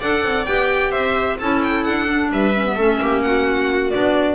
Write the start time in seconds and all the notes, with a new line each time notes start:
0.00 D4 A4 D5 F#5
0.23 C4
0.45 B3 G4 G5
0.91 C4 C5 E5
1.38 C#4 E4 A4 A5
1.63 G5
1.84 D4 F#5
2.07 D4
2.31 G3 B4 E5
2.55 C#4
2.65 B3
2.75 A3 C#4 A4
3.01 A#3 G4
3.22 F#4 F#5
3.90 B3 D4 D5